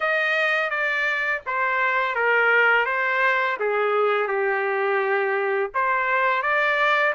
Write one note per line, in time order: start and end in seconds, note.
0.00 0.70 D#5
0.70 1.41 D5
1.46 2.15 C5
2.15 2.85 A#4
2.85 3.57 C5
3.59 4.27 G#4
4.27 5.70 G4
5.74 6.42 C5
6.42 7.13 D5